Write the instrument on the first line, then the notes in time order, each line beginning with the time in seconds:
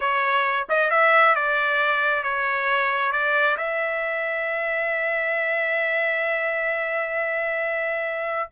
trumpet
0.00 C#5
0.69 D#5
0.90 E5
1.35 D5
2.23 C#5
3.12 D5
3.57 E5